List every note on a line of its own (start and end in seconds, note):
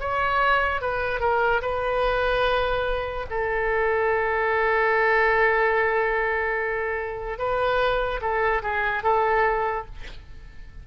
0.00 0.81 C#5
0.81 1.20 B4
1.20 1.61 A#4
1.61 3.26 B4
3.30 7.38 A4
7.38 8.20 B4
8.21 8.62 A4
8.62 9.03 G#4
9.03 9.86 A4